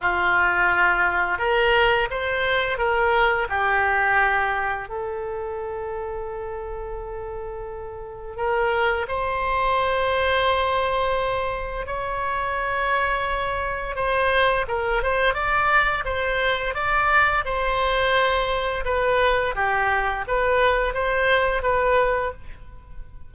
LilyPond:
\new Staff \with { instrumentName = "oboe" } { \time 4/4 \tempo 4 = 86 f'2 ais'4 c''4 | ais'4 g'2 a'4~ | a'1 | ais'4 c''2.~ |
c''4 cis''2. | c''4 ais'8 c''8 d''4 c''4 | d''4 c''2 b'4 | g'4 b'4 c''4 b'4 | }